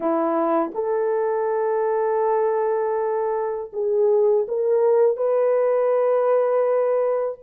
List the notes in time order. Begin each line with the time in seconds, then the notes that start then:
0.00 E4
0.74 A4
3.72 G#4
4.48 A#4
5.16 B4